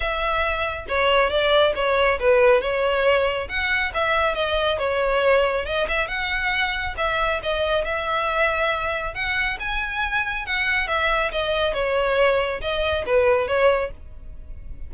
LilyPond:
\new Staff \with { instrumentName = "violin" } { \time 4/4 \tempo 4 = 138 e''2 cis''4 d''4 | cis''4 b'4 cis''2 | fis''4 e''4 dis''4 cis''4~ | cis''4 dis''8 e''8 fis''2 |
e''4 dis''4 e''2~ | e''4 fis''4 gis''2 | fis''4 e''4 dis''4 cis''4~ | cis''4 dis''4 b'4 cis''4 | }